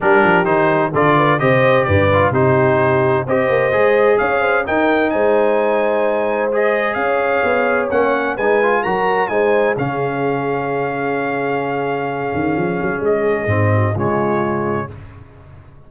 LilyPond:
<<
  \new Staff \with { instrumentName = "trumpet" } { \time 4/4 \tempo 4 = 129 ais'4 c''4 d''4 dis''4 | d''4 c''2 dis''4~ | dis''4 f''4 g''4 gis''4~ | gis''2 dis''4 f''4~ |
f''4 fis''4 gis''4 ais''4 | gis''4 f''2.~ | f''1 | dis''2 cis''2 | }
  \new Staff \with { instrumentName = "horn" } { \time 4/4 g'2 a'8 b'8 c''4 | b'4 g'2 c''4~ | c''4 cis''8 c''8 ais'4 c''4~ | c''2. cis''4~ |
cis''2 b'4 ais'4 | c''4 gis'2.~ | gis'1~ | gis'4. fis'8 f'2 | }
  \new Staff \with { instrumentName = "trombone" } { \time 4/4 d'4 dis'4 f'4 g'4~ | g'8 f'8 dis'2 g'4 | gis'2 dis'2~ | dis'2 gis'2~ |
gis'4 cis'4 dis'8 f'8 fis'4 | dis'4 cis'2.~ | cis'1~ | cis'4 c'4 gis2 | }
  \new Staff \with { instrumentName = "tuba" } { \time 4/4 g8 f8 dis4 d4 c4 | g,4 c2 c'8 ais8 | gis4 cis'4 dis'4 gis4~ | gis2. cis'4 |
b4 ais4 gis4 fis4 | gis4 cis2.~ | cis2~ cis8 dis8 f8 fis8 | gis4 gis,4 cis2 | }
>>